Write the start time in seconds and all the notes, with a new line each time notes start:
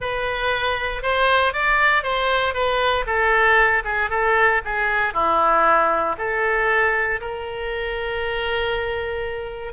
0.00 B4
1.02 C5
1.53 D5
2.03 C5
2.54 B4
3.06 A4
3.84 G#4
4.10 A4
4.64 G#4
5.13 E4
6.18 A4
7.21 A#4